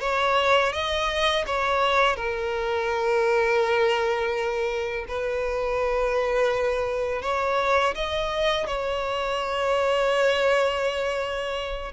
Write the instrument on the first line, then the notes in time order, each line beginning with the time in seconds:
violin
0.00 C#5
0.73 D#5
1.46 C#5
2.16 A#4
5.08 B4
7.22 C#5
7.95 D#5
8.66 C#5